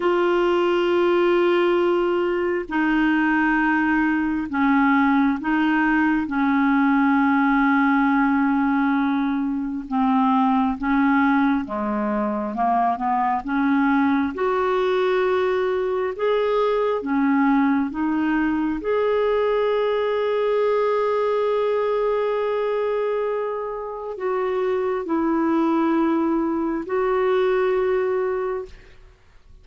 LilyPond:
\new Staff \with { instrumentName = "clarinet" } { \time 4/4 \tempo 4 = 67 f'2. dis'4~ | dis'4 cis'4 dis'4 cis'4~ | cis'2. c'4 | cis'4 gis4 ais8 b8 cis'4 |
fis'2 gis'4 cis'4 | dis'4 gis'2.~ | gis'2. fis'4 | e'2 fis'2 | }